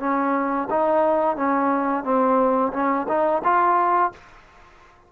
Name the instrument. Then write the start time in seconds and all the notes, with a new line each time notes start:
trombone
0.00 C#4
0.71 D#4
1.37 C#4
2.04 C4
2.73 C#4
3.09 D#4
3.44 F4